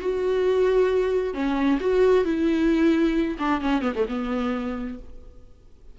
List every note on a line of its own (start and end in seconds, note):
0.00 1.33 F#4
1.33 1.79 C#4
1.80 2.24 F#4
2.24 3.37 E4
3.38 3.60 D4
3.60 3.81 C#4
3.81 3.93 B3
3.95 4.06 A3
4.08 4.98 B3